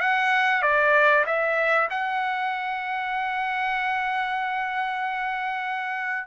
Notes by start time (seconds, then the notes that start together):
0.00 F#5
0.62 D5
1.26 E5
1.90 F#5